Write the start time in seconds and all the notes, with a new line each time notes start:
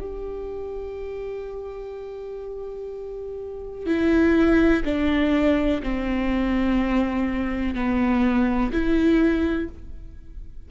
0.00 G4
3.86 E4
4.84 D4
5.83 C4
7.75 B3
8.72 E4